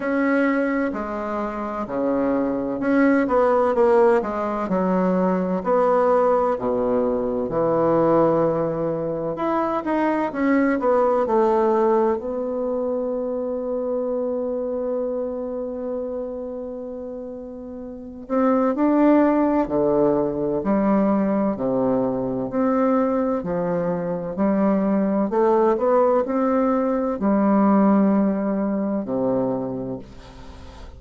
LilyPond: \new Staff \with { instrumentName = "bassoon" } { \time 4/4 \tempo 4 = 64 cis'4 gis4 cis4 cis'8 b8 | ais8 gis8 fis4 b4 b,4 | e2 e'8 dis'8 cis'8 b8 | a4 b2.~ |
b2.~ b8 c'8 | d'4 d4 g4 c4 | c'4 f4 g4 a8 b8 | c'4 g2 c4 | }